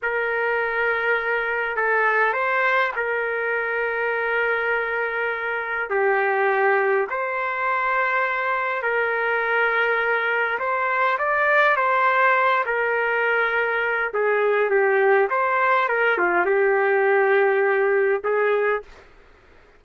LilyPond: \new Staff \with { instrumentName = "trumpet" } { \time 4/4 \tempo 4 = 102 ais'2. a'4 | c''4 ais'2.~ | ais'2 g'2 | c''2. ais'4~ |
ais'2 c''4 d''4 | c''4. ais'2~ ais'8 | gis'4 g'4 c''4 ais'8 f'8 | g'2. gis'4 | }